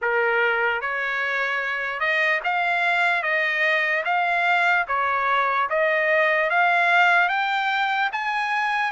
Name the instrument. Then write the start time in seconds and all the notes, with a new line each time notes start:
trumpet
0.01 A#4
0.81 C#5
1.99 D#5
2.43 F5
3.22 D#5
4.05 F5
4.87 C#5
5.69 D#5
6.50 F5
7.28 G5
8.12 G#5